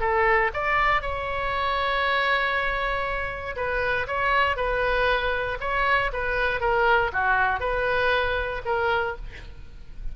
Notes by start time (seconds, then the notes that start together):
0.00 A4
0.54 D5
1.02 C#5
3.56 B4
4.07 C#5
4.56 B4
5.61 C#5
6.13 B4
6.61 A#4
7.13 F#4
7.60 B4
8.66 A#4